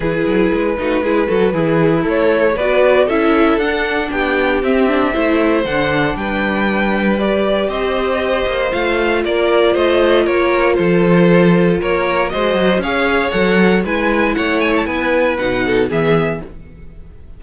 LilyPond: <<
  \new Staff \with { instrumentName = "violin" } { \time 4/4 \tempo 4 = 117 b'1 | cis''4 d''4 e''4 fis''4 | g''4 e''2 fis''4 | g''2 d''4 dis''4~ |
dis''4 f''4 d''4 dis''4 | cis''4 c''2 cis''4 | dis''4 f''4 fis''4 gis''4 | fis''8 gis''16 a''16 gis''4 fis''4 e''4 | }
  \new Staff \with { instrumentName = "violin" } { \time 4/4 gis'4. fis'8 gis'8 a'8 e'4~ | e'4 b'4 a'2 | g'2 c''2 | b'2. c''4~ |
c''2 ais'4 c''4 | ais'4 a'2 ais'4 | c''4 cis''2 b'4 | cis''4 b'4. a'8 gis'4 | }
  \new Staff \with { instrumentName = "viola" } { \time 4/4 e'4. dis'8 e'8 fis'8 gis'4 | a'4 fis'4 e'4 d'4~ | d'4 c'8 d'8 e'4 d'4~ | d'2 g'2~ |
g'4 f'2.~ | f'1 | fis'4 gis'4 a'4 e'4~ | e'2 dis'4 b4 | }
  \new Staff \with { instrumentName = "cello" } { \time 4/4 e8 fis8 gis8 a8 gis8 fis8 e4 | a4 b4 cis'4 d'4 | b4 c'4 a4 d4 | g2. c'4~ |
c'8 ais8 a4 ais4 a4 | ais4 f2 ais4 | gis8 fis8 cis'4 fis4 gis4 | a4 b4 b,4 e4 | }
>>